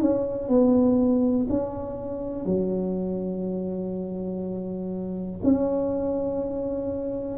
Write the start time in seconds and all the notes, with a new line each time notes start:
0.00 C#4
0.48 B3
1.49 C#4
2.45 F#3
5.43 C#4